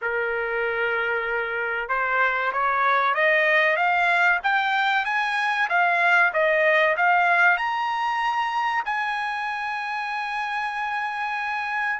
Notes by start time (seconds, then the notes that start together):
0.01 A#4
1.88 C5
2.52 C#5
3.14 D#5
3.76 F5
4.43 G5
5.05 G#5
5.69 F5
6.33 D#5
6.96 F5
7.57 A#5
8.85 G#5